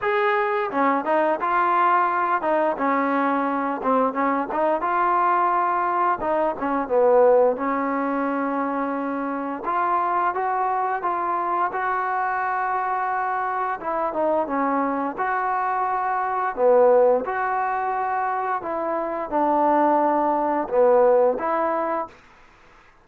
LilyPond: \new Staff \with { instrumentName = "trombone" } { \time 4/4 \tempo 4 = 87 gis'4 cis'8 dis'8 f'4. dis'8 | cis'4. c'8 cis'8 dis'8 f'4~ | f'4 dis'8 cis'8 b4 cis'4~ | cis'2 f'4 fis'4 |
f'4 fis'2. | e'8 dis'8 cis'4 fis'2 | b4 fis'2 e'4 | d'2 b4 e'4 | }